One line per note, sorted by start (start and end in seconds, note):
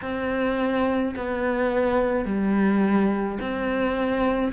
0.01 1.14 C4
1.16 2.25 B3
2.25 3.38 G3
3.40 4.52 C4